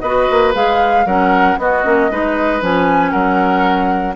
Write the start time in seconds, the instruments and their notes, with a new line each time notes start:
0.00 bassoon B3, clarinet F#4, oboe B4, flute D#5
0.30 bassoon A#3
0.54 bassoon G#3, clarinet G#4, flute F5
1.05 bassoon F#3, clarinet C#4, oboe A#4, flute F#5
1.58 bassoon B3, clarinet B3, oboe F#4, flute D#5
1.84 bassoon A#3, clarinet C#4
2.10 bassoon G#3, clarinet D#4, oboe B4
2.61 bassoon F3, clarinet C#4, flute G#5
3.11 bassoon F#3, oboe A#4, flute F#5